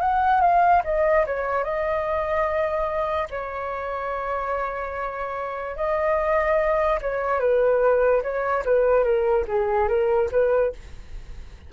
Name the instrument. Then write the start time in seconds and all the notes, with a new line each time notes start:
flute
0.00 F#5
0.41 F5
0.84 D#5
1.26 C#5
1.64 D#5
3.30 C#5
5.76 D#5
7.01 C#5
7.40 B4
8.22 C#5
8.65 B4
9.03 A#4
9.47 G#4
9.88 A#4
10.31 B4